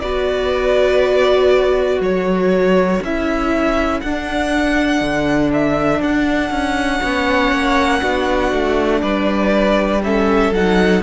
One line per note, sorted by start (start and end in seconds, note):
0.00 2.00 B3
0.00 3.03 F#4
0.00 2.03 B4
0.00 2.00 D5
2.00 3.00 F#3
2.00 7.00 A4
2.00 3.03 C#5
3.02 4.02 C#4
3.02 4.05 E4
3.02 4.01 E5
4.01 5.01 D4
4.01 7.04 D4
4.01 5.51 F#5
5.01 6.01 D3
5.54 6.02 E5
6.01 6.50 D4
6.01 9.02 F#5
6.50 7.00 C#4
7.00 7.52 B3
7.00 8.03 C#4
7.00 8.00 C#5
7.52 8.02 A#3
8.02 8.53 B3
8.02 10.03 D4
8.02 9.02 F#4
8.53 9.03 A3
9.02 10.51 G3
9.02 10.02 B4
9.02 10.02 D5
10.03 10.53 C#4
10.03 11.03 A4
10.03 10.54 E5
10.51 11.01 F#3
10.51 11.03 D#4
10.51 11.03 F#5